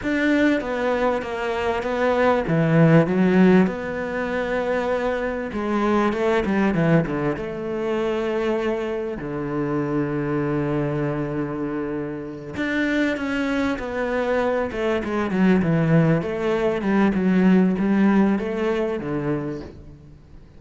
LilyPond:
\new Staff \with { instrumentName = "cello" } { \time 4/4 \tempo 4 = 98 d'4 b4 ais4 b4 | e4 fis4 b2~ | b4 gis4 a8 g8 e8 d8 | a2. d4~ |
d1~ | d8 d'4 cis'4 b4. | a8 gis8 fis8 e4 a4 g8 | fis4 g4 a4 d4 | }